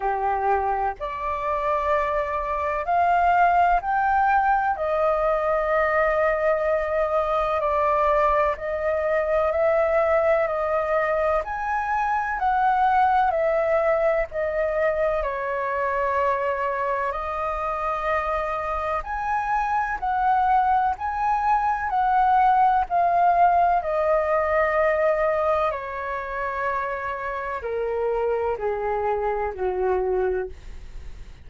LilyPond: \new Staff \with { instrumentName = "flute" } { \time 4/4 \tempo 4 = 63 g'4 d''2 f''4 | g''4 dis''2. | d''4 dis''4 e''4 dis''4 | gis''4 fis''4 e''4 dis''4 |
cis''2 dis''2 | gis''4 fis''4 gis''4 fis''4 | f''4 dis''2 cis''4~ | cis''4 ais'4 gis'4 fis'4 | }